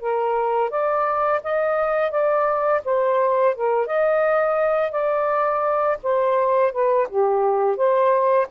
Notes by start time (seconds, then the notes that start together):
0.00 A#4
0.70 D5
1.43 D#5
2.10 D5
2.84 C5
3.55 A#4
3.86 D#5
4.91 D5
6.03 C5
6.72 B4
7.08 G4
7.76 C5